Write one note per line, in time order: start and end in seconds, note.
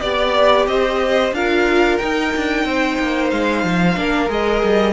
0.00 0.67 B3
0.00 1.34 G4
0.00 0.66 D5
0.00 0.69 D5
0.67 1.32 C4
0.67 1.35 C5
0.67 1.34 D#5
1.32 1.98 D4
1.32 2.01 F4
1.32 2.67 A#4
1.32 1.98 F5
1.98 3.96 D#4
1.98 2.35 D#4
1.98 3.30 G5
2.36 2.65 D4
2.65 2.98 C4
2.65 3.98 C5
2.99 3.32 A#3
3.31 3.64 G#3
3.31 4.30 F5
3.64 3.97 F3
3.96 4.30 A#3
3.96 4.28 D4
3.96 4.93 A#4
4.28 4.63 G#3
4.28 4.93 G#4
4.28 4.93 D#5
4.63 4.93 G3